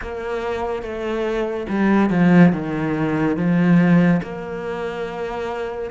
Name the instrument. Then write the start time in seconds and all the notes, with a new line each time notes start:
cello
0.01 A#3
0.82 A3
1.69 G3
2.10 F3
2.52 D#3
3.36 F3
4.22 A#3